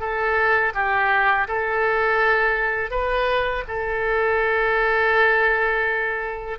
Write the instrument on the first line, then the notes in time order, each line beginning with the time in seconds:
oboe
0.00 A4
0.75 G4
1.48 A4
2.91 B4
3.68 A4